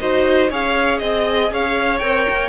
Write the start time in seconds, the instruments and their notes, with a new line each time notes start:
0.00 cello D#4, viola F#4, violin C5 D#5
0.50 cello C#4, viola G#4, violin C#5 F5
0.99 cello C4, violin D#5
1.52 cello C#4, violin C#5 F5
1.99 cello C4, viola A#4, violin G5
2.30 cello A#3